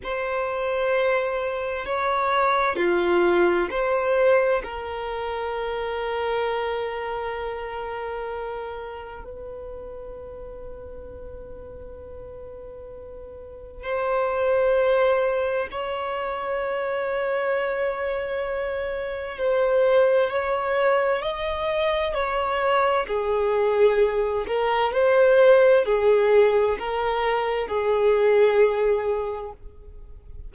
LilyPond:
\new Staff \with { instrumentName = "violin" } { \time 4/4 \tempo 4 = 65 c''2 cis''4 f'4 | c''4 ais'2.~ | ais'2 b'2~ | b'2. c''4~ |
c''4 cis''2.~ | cis''4 c''4 cis''4 dis''4 | cis''4 gis'4. ais'8 c''4 | gis'4 ais'4 gis'2 | }